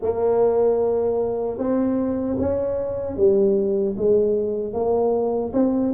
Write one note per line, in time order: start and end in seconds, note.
0.02 1.58 A#3
1.58 2.36 C4
2.39 3.16 C#4
3.16 3.95 G3
3.97 4.73 G#3
4.73 5.52 A#3
5.53 5.92 C4